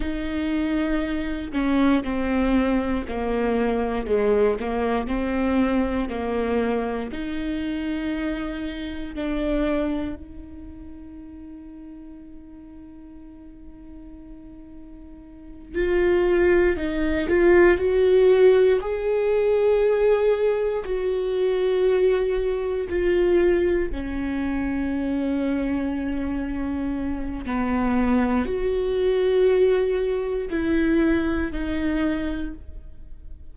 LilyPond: \new Staff \with { instrumentName = "viola" } { \time 4/4 \tempo 4 = 59 dis'4. cis'8 c'4 ais4 | gis8 ais8 c'4 ais4 dis'4~ | dis'4 d'4 dis'2~ | dis'2.~ dis'8 f'8~ |
f'8 dis'8 f'8 fis'4 gis'4.~ | gis'8 fis'2 f'4 cis'8~ | cis'2. b4 | fis'2 e'4 dis'4 | }